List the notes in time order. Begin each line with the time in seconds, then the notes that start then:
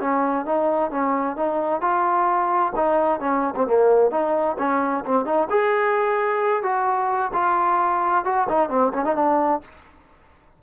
0.00 C#4
0.45 D#4
0.90 C#4
1.36 D#4
1.81 F4
2.75 D#4
3.20 C#4
3.55 C4
3.66 A#3
4.11 D#4
4.58 C#4
5.05 C4
5.25 D#4
5.50 G#4
6.62 F#4
7.33 F4
8.24 F#4
8.48 D#4
8.69 C4
8.93 C#4
9.04 D#4
9.15 D4